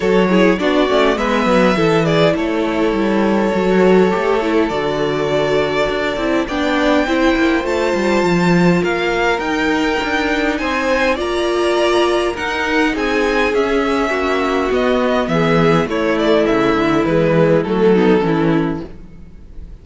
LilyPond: <<
  \new Staff \with { instrumentName = "violin" } { \time 4/4 \tempo 4 = 102 cis''4 d''4 e''4. d''8 | cis''1 | d''2. g''4~ | g''4 a''2 f''4 |
g''2 gis''4 ais''4~ | ais''4 fis''4 gis''4 e''4~ | e''4 dis''4 e''4 cis''8 d''8 | e''4 b'4 a'2 | }
  \new Staff \with { instrumentName = "violin" } { \time 4/4 a'8 gis'8 fis'4 b'4 a'8 gis'8 | a'1~ | a'2. d''4 | c''2. ais'4~ |
ais'2 c''4 d''4~ | d''4 ais'4 gis'2 | fis'2 gis'4 e'4~ | e'2~ e'8 dis'8 e'4 | }
  \new Staff \with { instrumentName = "viola" } { \time 4/4 fis'8 e'8 d'8 cis'8 b4 e'4~ | e'2 fis'4 g'8 e'8 | fis'2~ fis'8 e'8 d'4 | e'4 f'2. |
dis'2. f'4~ | f'4 dis'2 cis'4~ | cis'4 b2 a4~ | a4 gis4 a8 b8 cis'4 | }
  \new Staff \with { instrumentName = "cello" } { \time 4/4 fis4 b8 a8 gis8 fis8 e4 | a4 g4 fis4 a4 | d2 d'8 c'8 b4 | c'8 ais8 a8 g8 f4 ais4 |
dis'4 d'4 c'4 ais4~ | ais4 dis'4 c'4 cis'4 | ais4 b4 e4 a4 | cis8 d8 e4 fis4 e4 | }
>>